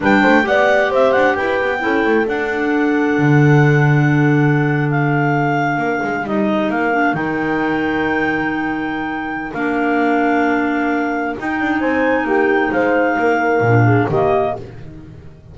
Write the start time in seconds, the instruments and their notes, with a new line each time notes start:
0.00 double bass G3, clarinet D4 G5, horn B4
0.21 double bass A3, horn C5
0.42 double bass B3, clarinet G4 F#5, horn D5
0.90 double bass C4, horn C5, clarinet E5
1.12 double bass D4, clarinet F#5
1.35 double bass E4, horn B4, clarinet G5
1.61 double bass B3
1.79 double bass C#4, clarinet E4, horn A4
2.05 double bass A3
2.27 double bass D4, clarinet D4 F#5
3.18 double bass D3
4.90 clarinet F5
5.77 double bass A#3, horn A#4
6.02 double bass G#3
6.24 double bass G3, clarinet D#4 D#5
6.69 double bass A#3, clarinet F5
6.92 clarinet D4
7.13 double bass D#3, clarinet D#4 G5
9.53 double bass A#3, clarinet D4 F5
11.37 clarinet D#4 G5, double bass D#4
11.60 double bass D4
11.80 double bass C4, horn C5, clarinet G#5
12.24 double bass A#3, horn G4, clarinet G5
12.71 double bass G#3, horn C5, clarinet F5
13.18 double bass A#3, horn A#4
13.60 double bass A#2, clarinet D4
13.85 horn G#4
14.08 double bass D#3, clarinet A#3 D#5, horn G4